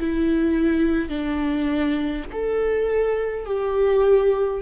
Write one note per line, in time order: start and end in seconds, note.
0.00 1.09 E4
1.09 2.24 D4
2.32 3.46 A4
3.46 4.61 G4